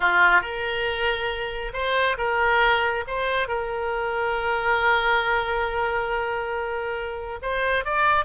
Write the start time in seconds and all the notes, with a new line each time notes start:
0.00 F4
0.41 A#4
1.73 C5
2.17 A#4
3.07 C5
3.47 A#4
7.42 C5
7.85 D5